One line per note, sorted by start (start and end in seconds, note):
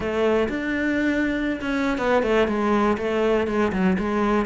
0.00 0.48 A3
0.48 1.60 D4
1.61 1.98 C#4
1.98 2.22 B3
2.22 2.47 A3
2.47 2.97 G#3
2.97 3.47 A3
3.47 3.72 G#3
3.72 3.97 F#3
3.98 4.45 G#3